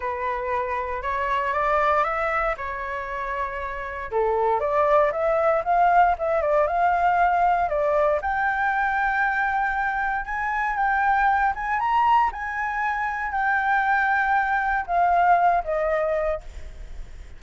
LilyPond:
\new Staff \with { instrumentName = "flute" } { \time 4/4 \tempo 4 = 117 b'2 cis''4 d''4 | e''4 cis''2. | a'4 d''4 e''4 f''4 | e''8 d''8 f''2 d''4 |
g''1 | gis''4 g''4. gis''8 ais''4 | gis''2 g''2~ | g''4 f''4. dis''4. | }